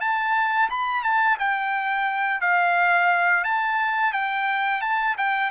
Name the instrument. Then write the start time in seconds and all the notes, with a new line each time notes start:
trumpet
0.00 A5
0.70 B5
1.03 A5
1.39 G5
2.40 F5
3.44 A5
4.13 G5
4.81 A5
5.17 G5